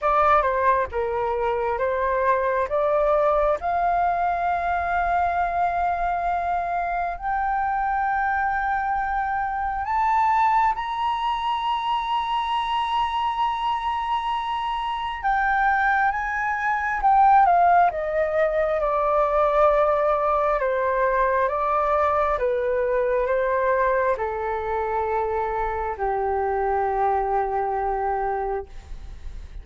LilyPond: \new Staff \with { instrumentName = "flute" } { \time 4/4 \tempo 4 = 67 d''8 c''8 ais'4 c''4 d''4 | f''1 | g''2. a''4 | ais''1~ |
ais''4 g''4 gis''4 g''8 f''8 | dis''4 d''2 c''4 | d''4 b'4 c''4 a'4~ | a'4 g'2. | }